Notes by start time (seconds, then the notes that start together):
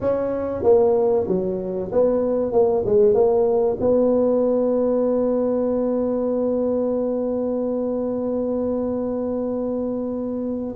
0.00 C#4
0.63 A#3
1.27 F#3
1.92 B3
2.52 A#3
2.85 G#3
3.13 A#3
3.80 B3